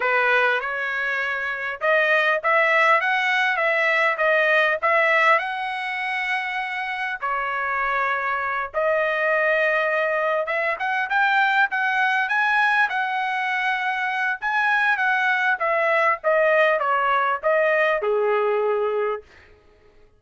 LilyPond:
\new Staff \with { instrumentName = "trumpet" } { \time 4/4 \tempo 4 = 100 b'4 cis''2 dis''4 | e''4 fis''4 e''4 dis''4 | e''4 fis''2. | cis''2~ cis''8 dis''4.~ |
dis''4. e''8 fis''8 g''4 fis''8~ | fis''8 gis''4 fis''2~ fis''8 | gis''4 fis''4 e''4 dis''4 | cis''4 dis''4 gis'2 | }